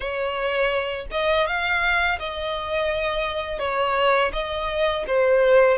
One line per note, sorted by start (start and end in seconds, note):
0.00 1.06 C#5
1.11 1.46 D#5
1.46 2.19 F5
2.19 3.59 D#5
3.59 4.31 C#5
4.32 5.04 D#5
5.07 5.77 C5